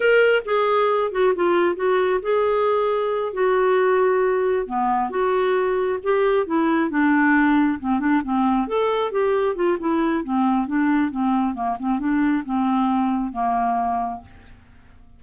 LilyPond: \new Staff \with { instrumentName = "clarinet" } { \time 4/4 \tempo 4 = 135 ais'4 gis'4. fis'8 f'4 | fis'4 gis'2~ gis'8 fis'8~ | fis'2~ fis'8 b4 fis'8~ | fis'4. g'4 e'4 d'8~ |
d'4. c'8 d'8 c'4 a'8~ | a'8 g'4 f'8 e'4 c'4 | d'4 c'4 ais8 c'8 d'4 | c'2 ais2 | }